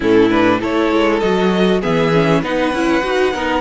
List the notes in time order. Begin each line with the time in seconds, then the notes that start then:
0.00 A2 C#4 E4 A4
0.30 D4 B4
0.60 A3 E4 A4 C#5
0.91 G#3
1.20 F#3 F#4 D#5
1.80 E3 B3 G#4 E5
2.12 C#4
2.42 B3 D#4 B4 F#5
2.72 C#4 E4
3.03 D#4 F#4
3.33 B3 D#4 A#4